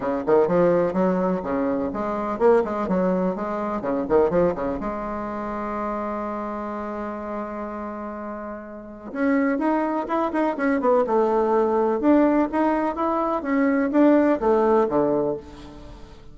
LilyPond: \new Staff \with { instrumentName = "bassoon" } { \time 4/4 \tempo 4 = 125 cis8 dis8 f4 fis4 cis4 | gis4 ais8 gis8 fis4 gis4 | cis8 dis8 f8 cis8 gis2~ | gis1~ |
gis2. cis'4 | dis'4 e'8 dis'8 cis'8 b8 a4~ | a4 d'4 dis'4 e'4 | cis'4 d'4 a4 d4 | }